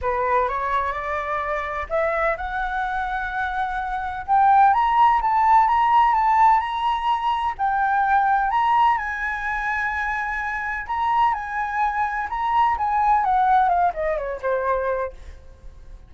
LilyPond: \new Staff \with { instrumentName = "flute" } { \time 4/4 \tempo 4 = 127 b'4 cis''4 d''2 | e''4 fis''2.~ | fis''4 g''4 ais''4 a''4 | ais''4 a''4 ais''2 |
g''2 ais''4 gis''4~ | gis''2. ais''4 | gis''2 ais''4 gis''4 | fis''4 f''8 dis''8 cis''8 c''4. | }